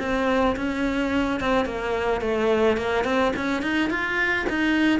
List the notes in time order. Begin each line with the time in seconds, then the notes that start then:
0.00 C4
0.57 C#4
1.41 C4
1.66 A#3
2.21 A3
2.78 A#3
3.05 C4
3.37 C#4
3.63 D#4
3.90 F4
4.50 D#4